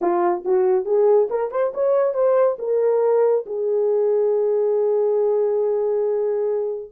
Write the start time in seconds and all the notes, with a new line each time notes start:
0.01 F4
0.44 F#4
0.85 G#4
1.29 A#4
1.51 C5
1.73 C#5
2.14 C5
2.58 A#4
3.46 G#4